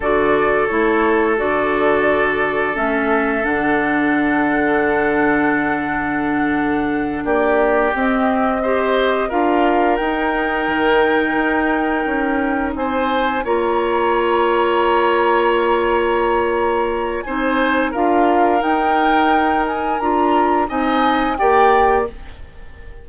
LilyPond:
<<
  \new Staff \with { instrumentName = "flute" } { \time 4/4 \tempo 4 = 87 d''4 cis''4 d''2 | e''4 fis''2.~ | fis''2~ fis''8 d''4 dis''8~ | dis''4. f''4 g''4.~ |
g''2~ g''8 gis''4 ais''8~ | ais''1~ | ais''4 gis''4 f''4 g''4~ | g''8 gis''8 ais''4 gis''4 g''4 | }
  \new Staff \with { instrumentName = "oboe" } { \time 4/4 a'1~ | a'1~ | a'2~ a'8 g'4.~ | g'8 c''4 ais'2~ ais'8~ |
ais'2~ ais'8 c''4 cis''8~ | cis''1~ | cis''4 c''4 ais'2~ | ais'2 dis''4 d''4 | }
  \new Staff \with { instrumentName = "clarinet" } { \time 4/4 fis'4 e'4 fis'2 | cis'4 d'2.~ | d'2.~ d'8 c'8~ | c'8 g'4 f'4 dis'4.~ |
dis'2.~ dis'8 f'8~ | f'1~ | f'4 dis'4 f'4 dis'4~ | dis'4 f'4 dis'4 g'4 | }
  \new Staff \with { instrumentName = "bassoon" } { \time 4/4 d4 a4 d2 | a4 d2.~ | d2~ d8 ais4 c'8~ | c'4. d'4 dis'4 dis8~ |
dis8 dis'4 cis'4 c'4 ais8~ | ais1~ | ais4 c'4 d'4 dis'4~ | dis'4 d'4 c'4 ais4 | }
>>